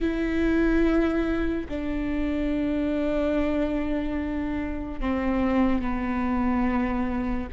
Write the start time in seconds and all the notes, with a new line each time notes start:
0.00 E4
1.69 D4
5.00 C4
5.81 B3